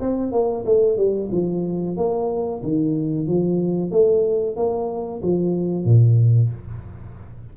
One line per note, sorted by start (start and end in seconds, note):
0.00 0.32 C4
0.32 0.64 A#3
0.65 0.97 A3
0.97 1.29 G3
1.31 1.96 F3
1.97 2.62 A#3
2.63 3.27 D#3
3.27 3.91 F3
3.91 4.56 A3
4.56 5.21 A#3
5.22 5.84 F3
5.84 6.50 A#2